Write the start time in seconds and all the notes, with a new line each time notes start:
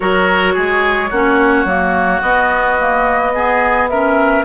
0.00 F#3 F#4 A#4 C#5
0.53 G#3 G#4
1.09 A#3 C#4 F#4
1.64 F#3 A#3
2.21 B3 D#5
2.78 A#3
3.34 B3 G#4
3.88 C#4 A#4 E5